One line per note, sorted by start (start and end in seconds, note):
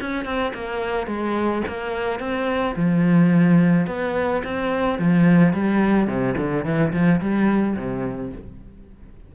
0.00 0.24 C#4
0.24 0.52 C4
0.54 1.07 A#3
1.07 1.62 G#3
1.67 2.19 A#3
2.19 2.75 C4
2.76 3.86 F3
3.86 4.42 B3
4.44 4.98 C4
4.98 5.53 F3
5.53 6.07 G3
6.07 6.35 C3
6.37 6.64 D3
6.64 6.92 E3
6.92 7.20 F3
7.20 7.76 G3
7.76 8.32 C3